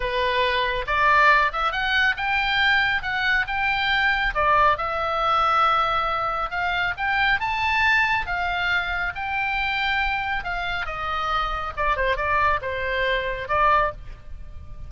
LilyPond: \new Staff \with { instrumentName = "oboe" } { \time 4/4 \tempo 4 = 138 b'2 d''4. e''8 | fis''4 g''2 fis''4 | g''2 d''4 e''4~ | e''2. f''4 |
g''4 a''2 f''4~ | f''4 g''2. | f''4 dis''2 d''8 c''8 | d''4 c''2 d''4 | }